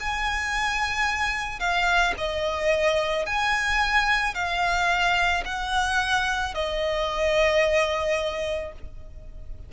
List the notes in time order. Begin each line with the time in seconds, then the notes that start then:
0.00 G#5
1.59 F5
2.17 D#5
3.26 G#5
4.34 F5
5.45 F#5
6.54 D#5